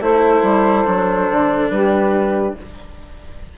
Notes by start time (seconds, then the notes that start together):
0.00 A3 E4 A4 C5
0.42 G3
0.85 F#3 D4
1.30 D3
1.70 G3 G4 B4